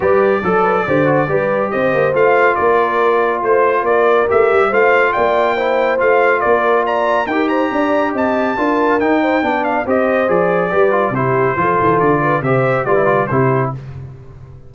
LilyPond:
<<
  \new Staff \with { instrumentName = "trumpet" } { \time 4/4 \tempo 4 = 140 d''1 | dis''4 f''4 d''2 | c''4 d''4 e''4 f''4 | g''2 f''4 d''4 |
ais''4 g''8 ais''4. a''4~ | a''4 g''4. f''8 dis''4 | d''2 c''2 | d''4 e''4 d''4 c''4 | }
  \new Staff \with { instrumentName = "horn" } { \time 4/4 b'4 a'8 b'8 c''4 b'4 | c''2 ais'2 | c''4 ais'2 c''4 | d''4 c''2 ais'4 |
d''4 ais'8 c''8 d''4 dis''4 | ais'4. c''8 d''4 c''4~ | c''4 b'4 g'4 a'4~ | a'8 b'8 c''4 b'4 g'4 | }
  \new Staff \with { instrumentName = "trombone" } { \time 4/4 g'4 a'4 g'8 fis'8 g'4~ | g'4 f'2.~ | f'2 g'4 f'4~ | f'4 e'4 f'2~ |
f'4 g'2. | f'4 dis'4 d'4 g'4 | gis'4 g'8 f'8 e'4 f'4~ | f'4 g'4 f'16 e'16 f'8 e'4 | }
  \new Staff \with { instrumentName = "tuba" } { \time 4/4 g4 fis4 d4 g4 | c'8 ais8 a4 ais2 | a4 ais4 a8 g8 a4 | ais2 a4 ais4~ |
ais4 dis'4 d'4 c'4 | d'4 dis'4 b4 c'4 | f4 g4 c4 f8 e8 | d4 c4 g4 c4 | }
>>